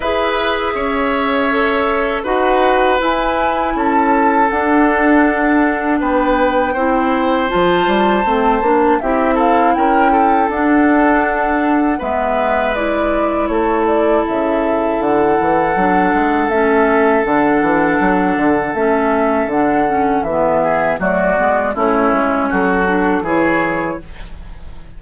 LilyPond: <<
  \new Staff \with { instrumentName = "flute" } { \time 4/4 \tempo 4 = 80 e''2. fis''4 | gis''4 a''4 fis''2 | g''2 a''2 | e''8 f''8 g''4 fis''2 |
e''4 d''4 cis''8 d''8 e''4 | fis''2 e''4 fis''4~ | fis''4 e''4 fis''4 e''4 | d''4 cis''4 a'4 cis''4 | }
  \new Staff \with { instrumentName = "oboe" } { \time 4/4 b'4 cis''2 b'4~ | b'4 a'2. | b'4 c''2. | g'8 a'8 ais'8 a'2~ a'8 |
b'2 a'2~ | a'1~ | a'2.~ a'8 gis'8 | fis'4 e'4 fis'4 gis'4 | }
  \new Staff \with { instrumentName = "clarinet" } { \time 4/4 gis'2 a'4 fis'4 | e'2 d'2~ | d'4 e'4 f'4 c'8 d'8 | e'2 d'2 |
b4 e'2.~ | e'4 d'4 cis'4 d'4~ | d'4 cis'4 d'8 cis'8 b4 | a8 b8 cis'4. d'8 e'4 | }
  \new Staff \with { instrumentName = "bassoon" } { \time 4/4 e'4 cis'2 dis'4 | e'4 cis'4 d'2 | b4 c'4 f8 g8 a8 ais8 | c'4 cis'4 d'2 |
gis2 a4 cis4 | d8 e8 fis8 gis8 a4 d8 e8 | fis8 d8 a4 d4 e4 | fis8 gis8 a8 gis8 fis4 e4 | }
>>